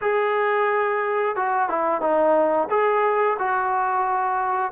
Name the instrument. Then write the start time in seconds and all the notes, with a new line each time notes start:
trombone
0.01 G#4
1.36 F#4
1.69 E4
2.01 D#4
2.70 G#4
3.39 F#4